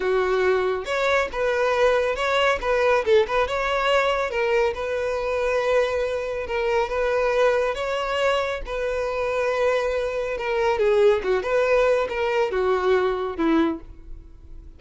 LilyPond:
\new Staff \with { instrumentName = "violin" } { \time 4/4 \tempo 4 = 139 fis'2 cis''4 b'4~ | b'4 cis''4 b'4 a'8 b'8 | cis''2 ais'4 b'4~ | b'2. ais'4 |
b'2 cis''2 | b'1 | ais'4 gis'4 fis'8 b'4. | ais'4 fis'2 e'4 | }